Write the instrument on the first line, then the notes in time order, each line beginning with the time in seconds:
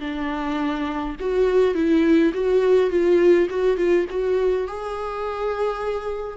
viola
0.00 D4
1.20 F#4
1.74 E4
2.34 F#4
2.90 F4
3.50 F#4
3.77 F4
4.09 F#4
4.67 G#4